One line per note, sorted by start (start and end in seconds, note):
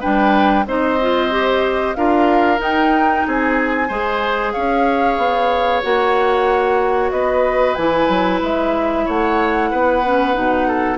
0.00 0.66 G3
0.00 0.65 D4
0.00 0.65 B4
0.00 0.66 G5
0.66 1.95 C4
0.66 0.99 D#4
0.66 1.97 C5
0.66 1.95 D#5
1.01 1.31 F4
1.31 1.95 G4
1.95 2.59 D4
1.95 2.58 F4
1.95 3.26 A#4
1.95 2.59 F5
2.58 3.87 D#4
2.58 3.24 D#4
2.58 3.27 G5
3.27 3.90 C4
3.27 3.88 G#4
3.27 4.53 G#5
3.88 4.54 G#3
3.88 5.83 G#4
3.88 4.53 C5
4.53 5.18 C#4
4.53 7.12 C#5
4.53 5.82 F5
5.18 5.82 B3
5.82 7.12 A#3
5.82 7.76 F#4
5.82 7.11 F#5
7.11 7.76 B3
7.11 9.05 B4
7.11 7.75 D#5
7.75 8.08 E3
7.75 10.03 E4
7.75 8.39 G#5
8.08 8.41 F#3
8.42 9.06 G#3
8.42 9.08 E5
9.05 9.72 A3
9.05 9.70 C#5
9.05 10.98 F#5
9.71 10.36 B3
9.71 10.68 B4
10.04 10.33 C#4
10.33 10.98 B2
10.33 10.98 D#4
10.68 10.98 A4